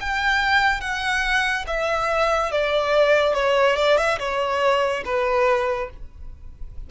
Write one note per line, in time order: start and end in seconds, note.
0.00 0.80 G5
0.80 1.65 F#5
1.67 2.51 E5
2.51 3.33 D5
3.33 3.76 C#5
3.76 3.97 D5
3.97 4.18 E5
4.18 5.03 C#5
5.05 5.89 B4